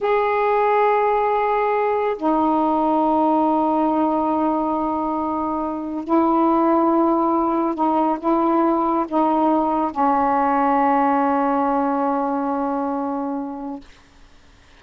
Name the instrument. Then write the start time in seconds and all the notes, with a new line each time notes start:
saxophone
0.01 G#4
2.17 D#4
6.04 E4
7.75 D#4
8.19 E4
9.08 D#4
9.91 C#4